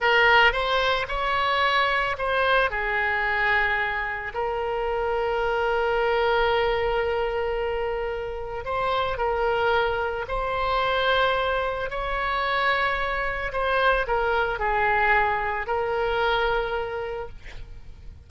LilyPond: \new Staff \with { instrumentName = "oboe" } { \time 4/4 \tempo 4 = 111 ais'4 c''4 cis''2 | c''4 gis'2. | ais'1~ | ais'1 |
c''4 ais'2 c''4~ | c''2 cis''2~ | cis''4 c''4 ais'4 gis'4~ | gis'4 ais'2. | }